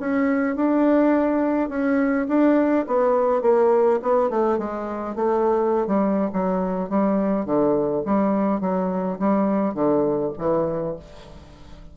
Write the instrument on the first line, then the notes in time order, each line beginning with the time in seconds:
bassoon
0.00 C#4
0.56 D4
1.69 C#4
2.28 D4
2.87 B3
3.42 A#3
4.03 B3
4.30 A3
4.58 G#3
5.16 A3
5.87 G3
6.33 F#3
6.90 G3
7.46 D3
8.05 G3
8.61 F#3
9.19 G3
9.74 D3
10.39 E3